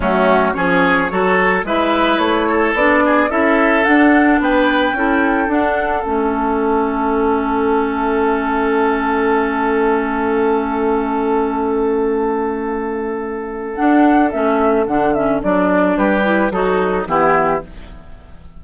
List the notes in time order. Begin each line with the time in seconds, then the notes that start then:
0.00 F#3 A3 C#4 F#4
0.54 F3 C#4 G#4 C#5
1.10 F#3 F#4 A4
1.63 G#3 E4 B4 E5
2.17 A3 C#5
2.49 A4
2.74 B3 D4 D5
3.05 G#4
3.29 C#4 E4 A4 E5
3.84 D4 F#5
4.39 B3 B4 G5
4.93 C#4 E4 A4
5.47 D4 F#5
6.02 A3 C#4 E5
13.75 D4 F#5
14.31 A3 C#4 E5
14.86 D3 D4 F#5
15.13 C#4 E5
15.42 F#3 D4 D5
15.96 G3 G4 B4
16.22 E4
16.50 F#3 D#4 F#4 A4
17.05 E3 B3 E4 G4